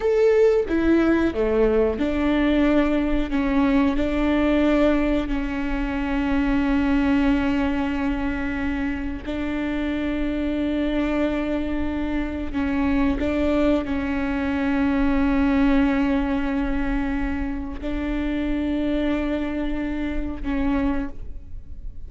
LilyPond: \new Staff \with { instrumentName = "viola" } { \time 4/4 \tempo 4 = 91 a'4 e'4 a4 d'4~ | d'4 cis'4 d'2 | cis'1~ | cis'2 d'2~ |
d'2. cis'4 | d'4 cis'2.~ | cis'2. d'4~ | d'2. cis'4 | }